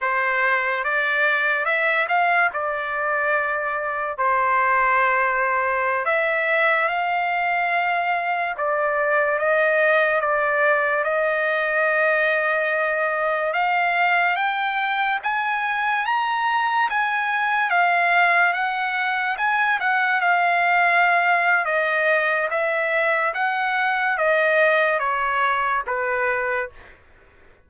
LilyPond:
\new Staff \with { instrumentName = "trumpet" } { \time 4/4 \tempo 4 = 72 c''4 d''4 e''8 f''8 d''4~ | d''4 c''2~ c''16 e''8.~ | e''16 f''2 d''4 dis''8.~ | dis''16 d''4 dis''2~ dis''8.~ |
dis''16 f''4 g''4 gis''4 ais''8.~ | ais''16 gis''4 f''4 fis''4 gis''8 fis''16~ | fis''16 f''4.~ f''16 dis''4 e''4 | fis''4 dis''4 cis''4 b'4 | }